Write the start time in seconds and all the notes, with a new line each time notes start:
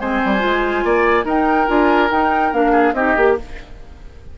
0.00 G#3 C4 C5 G#5
0.25 G3
0.40 G#3 F4
0.84 A#3 D5
1.24 D#4 A#4 G5
1.67 D4 F4 G#5
2.11 D#4 G5
2.52 A#3 D4 F5
2.72 G#4
2.93 C4 D#4 G4 D#5
3.17 A#3 G4